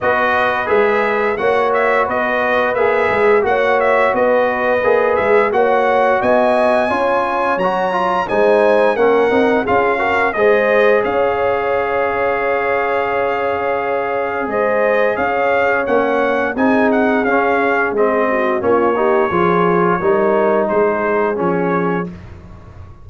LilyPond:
<<
  \new Staff \with { instrumentName = "trumpet" } { \time 4/4 \tempo 4 = 87 dis''4 e''4 fis''8 e''8 dis''4 | e''4 fis''8 e''8 dis''4. e''8 | fis''4 gis''2 ais''4 | gis''4 fis''4 f''4 dis''4 |
f''1~ | f''4 dis''4 f''4 fis''4 | gis''8 fis''8 f''4 dis''4 cis''4~ | cis''2 c''4 cis''4 | }
  \new Staff \with { instrumentName = "horn" } { \time 4/4 b'2 cis''4 b'4~ | b'4 cis''4 b'2 | cis''4 dis''4 cis''2 | c''4 ais'4 gis'8 ais'8 c''4 |
cis''1~ | cis''4 c''4 cis''2 | gis'2~ gis'8 fis'8 f'8 g'8 | gis'4 ais'4 gis'2 | }
  \new Staff \with { instrumentName = "trombone" } { \time 4/4 fis'4 gis'4 fis'2 | gis'4 fis'2 gis'4 | fis'2 f'4 fis'8 f'8 | dis'4 cis'8 dis'8 f'8 fis'8 gis'4~ |
gis'1~ | gis'2. cis'4 | dis'4 cis'4 c'4 cis'8 dis'8 | f'4 dis'2 cis'4 | }
  \new Staff \with { instrumentName = "tuba" } { \time 4/4 b4 gis4 ais4 b4 | ais8 gis8 ais4 b4 ais8 gis8 | ais4 b4 cis'4 fis4 | gis4 ais8 c'8 cis'4 gis4 |
cis'1~ | cis'4 gis4 cis'4 ais4 | c'4 cis'4 gis4 ais4 | f4 g4 gis4 f4 | }
>>